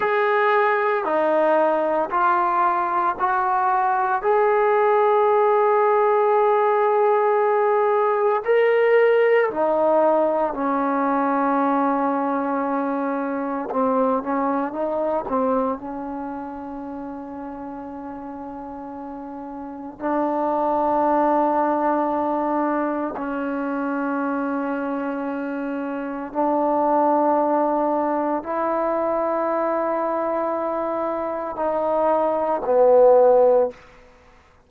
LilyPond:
\new Staff \with { instrumentName = "trombone" } { \time 4/4 \tempo 4 = 57 gis'4 dis'4 f'4 fis'4 | gis'1 | ais'4 dis'4 cis'2~ | cis'4 c'8 cis'8 dis'8 c'8 cis'4~ |
cis'2. d'4~ | d'2 cis'2~ | cis'4 d'2 e'4~ | e'2 dis'4 b4 | }